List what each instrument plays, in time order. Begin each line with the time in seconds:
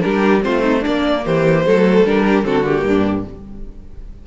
0.00 cello G3, viola D4, violin G4 A#4
0.41 cello A3, viola C4, violin F4 C5
0.62 violin D#4
0.80 violin D4 D5
0.86 cello A#3, viola A#3
1.25 cello E3, violin G4 C5
1.65 cello F#3, viola A3, violin A4
2.05 cello G3, viola D4, violin A#4
2.24 violin G4
2.43 cello D3, viola C4, violin F#4 A4
2.63 viola A#3, violin G4
2.84 cello G2, violin D4